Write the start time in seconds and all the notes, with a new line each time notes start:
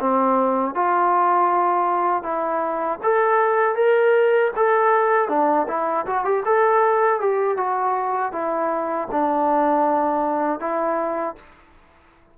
0.00 C4
0.74 F4
2.23 E4
3.03 A4
3.75 A#4
4.56 A4
5.29 D4
5.68 E4
6.06 F#4
6.24 G4
6.45 A4
7.20 G4
7.57 F#4
8.32 E4
9.11 D4
10.59 E4